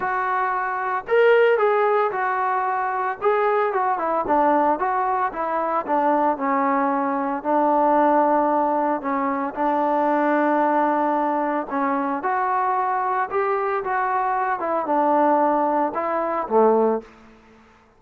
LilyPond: \new Staff \with { instrumentName = "trombone" } { \time 4/4 \tempo 4 = 113 fis'2 ais'4 gis'4 | fis'2 gis'4 fis'8 e'8 | d'4 fis'4 e'4 d'4 | cis'2 d'2~ |
d'4 cis'4 d'2~ | d'2 cis'4 fis'4~ | fis'4 g'4 fis'4. e'8 | d'2 e'4 a4 | }